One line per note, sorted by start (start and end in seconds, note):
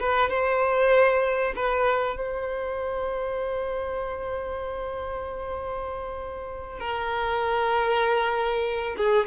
0.00 0.30 B4
0.30 1.54 C5
1.56 2.17 B4
2.17 6.80 C5
6.80 8.97 A#4
8.97 9.27 G#4